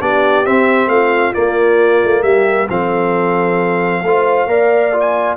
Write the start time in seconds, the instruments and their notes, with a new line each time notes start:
0.00 tuba B3, trombone D4, horn G4, trumpet D5
0.46 tuba C4, trombone C4, trumpet E5
0.87 tuba A3, horn F4, trumpet F5
1.33 trombone A#3, tuba A#3, trumpet D5
2.04 tuba A3
2.22 tuba G3, horn G4, trumpet E5
2.69 tuba F3, trombone C4, horn A4, trumpet F5
4.02 tuba A3, trombone F4, horn C5
4.46 tuba A#3, trombone A#4, horn D5
4.93 trombone F4
5.00 trumpet G#5